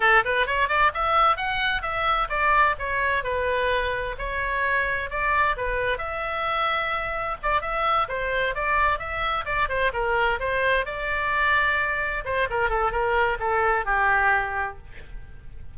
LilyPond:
\new Staff \with { instrumentName = "oboe" } { \time 4/4 \tempo 4 = 130 a'8 b'8 cis''8 d''8 e''4 fis''4 | e''4 d''4 cis''4 b'4~ | b'4 cis''2 d''4 | b'4 e''2. |
d''8 e''4 c''4 d''4 e''8~ | e''8 d''8 c''8 ais'4 c''4 d''8~ | d''2~ d''8 c''8 ais'8 a'8 | ais'4 a'4 g'2 | }